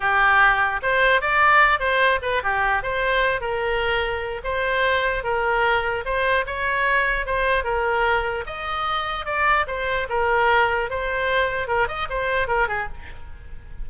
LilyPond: \new Staff \with { instrumentName = "oboe" } { \time 4/4 \tempo 4 = 149 g'2 c''4 d''4~ | d''8 c''4 b'8 g'4 c''4~ | c''8 ais'2~ ais'8 c''4~ | c''4 ais'2 c''4 |
cis''2 c''4 ais'4~ | ais'4 dis''2 d''4 | c''4 ais'2 c''4~ | c''4 ais'8 dis''8 c''4 ais'8 gis'8 | }